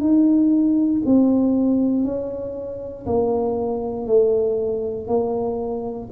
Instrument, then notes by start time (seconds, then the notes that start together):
tuba
0.00 D#4
1.05 C4
2.04 C#4
3.06 A#3
4.06 A3
5.07 A#3